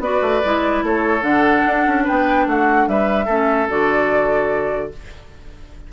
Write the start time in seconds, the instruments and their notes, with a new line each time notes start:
0.00 bassoon B3, clarinet F#4, oboe B4, flute D5
0.22 bassoon A3
0.45 bassoon G#3, clarinet E4
0.83 bassoon A3, oboe A4, flute C#5
1.22 bassoon D3, clarinet D4, flute F#5
1.67 bassoon D4
1.87 bassoon C#4
2.05 bassoon B3, oboe B4, flute G5
2.47 bassoon A3, oboe F#4, flute F#5
2.88 bassoon G3, oboe B4, flute E5
3.26 bassoon A3, clarinet C#4, oboe A4
3.70 bassoon D3, clarinet F#4, flute D5